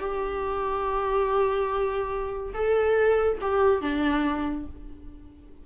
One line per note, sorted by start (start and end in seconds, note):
0.00 2.54 G4
2.54 3.38 A4
3.41 3.82 G4
3.82 4.66 D4